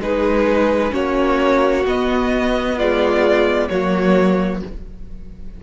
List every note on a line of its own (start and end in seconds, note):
0.00 0.92 G#3
0.00 0.91 D#4
0.00 0.93 G#4
0.00 0.94 B4
0.91 1.85 A#3
0.91 1.83 C#4
0.91 2.77 F#4
0.91 1.86 C#5
1.85 3.70 B3
1.85 2.79 B3
1.85 2.78 D#5
2.77 3.71 G#3
2.77 3.69 F4
2.77 3.68 D5
3.68 4.63 F#3
3.68 4.63 A#3
3.68 4.62 F#4
3.68 4.61 C#5